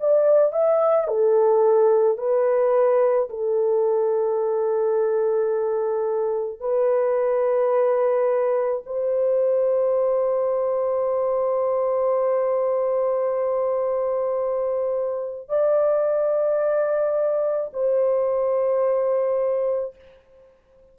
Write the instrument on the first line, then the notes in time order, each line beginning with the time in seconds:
horn
0.00 D5
0.52 E5
1.08 A4
2.18 B4
3.30 A4
6.60 B4
8.86 C5
15.49 D5
17.73 C5